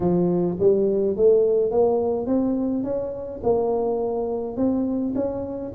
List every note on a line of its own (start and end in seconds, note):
0.00 0.57 F3
0.59 1.16 G3
1.16 1.71 A3
1.71 2.26 A#3
2.26 2.83 C4
2.83 3.40 C#4
3.43 4.56 A#3
4.56 5.14 C4
5.15 5.72 C#4